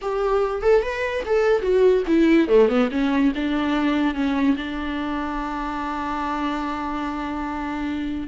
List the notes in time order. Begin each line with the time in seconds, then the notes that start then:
0.01 G4
0.62 A4
0.82 B4
1.25 A4
1.61 F#4
2.07 E4
2.48 A3
2.68 B3
2.91 C#4
3.35 D4
4.14 C#4
4.56 D4